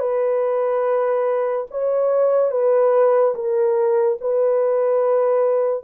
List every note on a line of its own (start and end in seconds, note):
0.00 1.67 B4
1.71 2.52 C#5
2.52 3.35 B4
3.35 4.19 A#4
4.21 5.84 B4